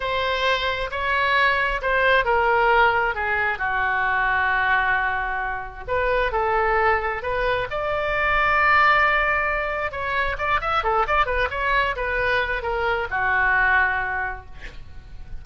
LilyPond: \new Staff \with { instrumentName = "oboe" } { \time 4/4 \tempo 4 = 133 c''2 cis''2 | c''4 ais'2 gis'4 | fis'1~ | fis'4 b'4 a'2 |
b'4 d''2.~ | d''2 cis''4 d''8 e''8 | a'8 d''8 b'8 cis''4 b'4. | ais'4 fis'2. | }